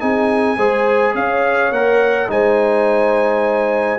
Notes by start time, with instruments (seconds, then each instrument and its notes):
0.00 tuba C4, trombone D#4, horn G#4, trumpet G#5
0.58 tuba G#3, trombone G#4, horn C5
1.15 tuba C#4, horn C#5, trumpet F5
1.71 tuba A#3, trombone A#4, trumpet F#5
2.28 tuba G#3, trombone D#4, horn C5, trumpet G#5